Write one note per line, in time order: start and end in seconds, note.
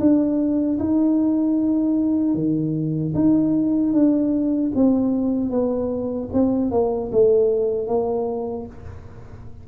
0.00 0.79 D4
0.80 2.35 D#4
2.35 3.14 D#3
3.15 3.93 D#4
3.93 4.72 D4
4.75 5.50 C4
5.50 6.29 B3
6.33 6.71 C4
6.71 7.11 A#3
7.12 7.88 A3
7.88 8.67 A#3